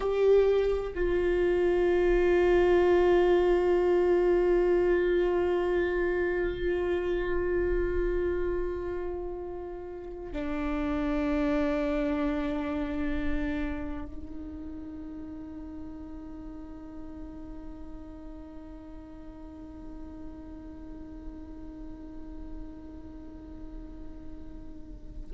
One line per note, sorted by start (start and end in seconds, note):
0.00 0.93 G4
0.95 10.32 F4
10.32 14.06 D4
14.06 25.31 D#4